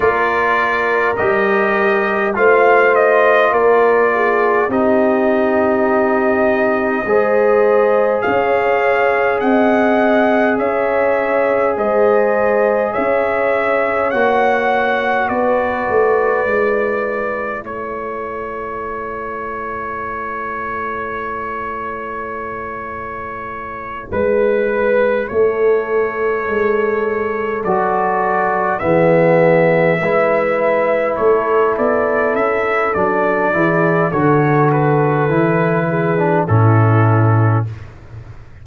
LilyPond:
<<
  \new Staff \with { instrumentName = "trumpet" } { \time 4/4 \tempo 4 = 51 d''4 dis''4 f''8 dis''8 d''4 | dis''2. f''4 | fis''4 e''4 dis''4 e''4 | fis''4 d''2 cis''4~ |
cis''1~ | cis''8 b'4 cis''2 d''8~ | d''8 e''2 cis''8 d''8 e''8 | d''4 cis''8 b'4. a'4 | }
  \new Staff \with { instrumentName = "horn" } { \time 4/4 ais'2 c''4 ais'8 gis'8 | g'2 c''4 cis''4 | dis''4 cis''4 c''4 cis''4~ | cis''4 b'2 a'4~ |
a'1~ | a'8 b'4 a'2~ a'8~ | a'8 gis'4 b'4 a'4.~ | a'8 gis'8 a'4. gis'8 e'4 | }
  \new Staff \with { instrumentName = "trombone" } { \time 4/4 f'4 g'4 f'2 | dis'2 gis'2~ | gis'1 | fis'2 e'2~ |
e'1~ | e'2.~ e'8 fis'8~ | fis'8 b4 e'2~ e'8 | d'8 e'8 fis'4 e'8. d'16 cis'4 | }
  \new Staff \with { instrumentName = "tuba" } { \time 4/4 ais4 g4 a4 ais4 | c'2 gis4 cis'4 | c'4 cis'4 gis4 cis'4 | ais4 b8 a8 gis4 a4~ |
a1~ | a8 gis4 a4 gis4 fis8~ | fis8 e4 gis4 a8 b8 cis'8 | fis8 e8 d4 e4 a,4 | }
>>